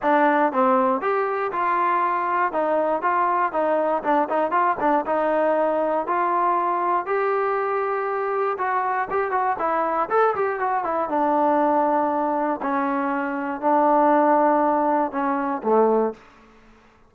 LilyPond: \new Staff \with { instrumentName = "trombone" } { \time 4/4 \tempo 4 = 119 d'4 c'4 g'4 f'4~ | f'4 dis'4 f'4 dis'4 | d'8 dis'8 f'8 d'8 dis'2 | f'2 g'2~ |
g'4 fis'4 g'8 fis'8 e'4 | a'8 g'8 fis'8 e'8 d'2~ | d'4 cis'2 d'4~ | d'2 cis'4 a4 | }